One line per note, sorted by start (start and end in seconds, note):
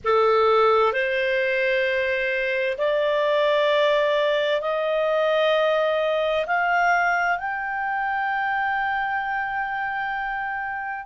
0.04 0.92 A4
0.92 2.77 C5
2.77 4.61 D5
4.61 6.45 D#5
6.46 7.38 F5
7.38 11.06 G5